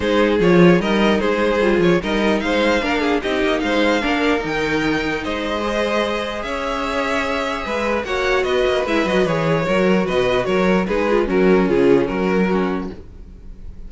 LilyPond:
<<
  \new Staff \with { instrumentName = "violin" } { \time 4/4 \tempo 4 = 149 c''4 cis''4 dis''4 c''4~ | c''8 cis''8 dis''4 f''2 | dis''4 f''2 g''4~ | g''4 dis''2. |
e''1 | fis''4 dis''4 e''8 dis''8 cis''4~ | cis''4 dis''4 cis''4 b'4 | ais'4 gis'4 ais'2 | }
  \new Staff \with { instrumentName = "violin" } { \time 4/4 gis'2 ais'4 gis'4~ | gis'4 ais'4 c''4 ais'8 gis'8 | g'4 c''4 ais'2~ | ais'4 c''2. |
cis''2. b'4 | cis''4 b'2. | ais'4 b'4 ais'4 gis'4 | cis'2. fis'4 | }
  \new Staff \with { instrumentName = "viola" } { \time 4/4 dis'4 f'4 dis'2 | f'4 dis'2 d'4 | dis'2 d'4 dis'4~ | dis'2 gis'2~ |
gis'1 | fis'2 e'8 fis'8 gis'4 | fis'2. dis'8 f'8 | fis'4 f'4 fis'4 cis'4 | }
  \new Staff \with { instrumentName = "cello" } { \time 4/4 gis4 f4 g4 gis4 | g8 f8 g4 gis4 ais4 | c'8 ais8 gis4 ais4 dis4~ | dis4 gis2. |
cis'2. gis4 | ais4 b8 ais8 gis8 fis8 e4 | fis4 b,4 fis4 gis4 | fis4 cis4 fis2 | }
>>